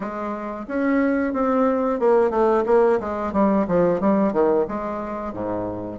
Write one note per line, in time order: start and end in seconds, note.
0.00 0.65 G#3
0.68 1.33 C#4
1.33 1.99 C4
1.99 2.30 A#3
2.30 2.63 A3
2.66 2.99 A#3
3.00 3.32 G#3
3.32 3.66 G3
3.67 4.00 F3
4.00 4.32 G3
4.32 4.66 D#3
4.68 5.33 G#3
5.33 5.99 G#2